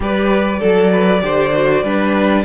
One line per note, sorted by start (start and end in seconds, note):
0.00 0.60 G3
0.00 0.60 G4
0.00 0.59 B4
0.00 2.44 D5
0.59 1.22 F#3
0.59 0.90 A4
0.59 1.20 A4
0.91 1.22 B4
1.20 1.82 D3
1.20 1.51 G4
1.20 1.83 C5
1.53 1.84 F#4
1.82 2.43 G3
1.82 2.44 D4
1.82 2.44 B4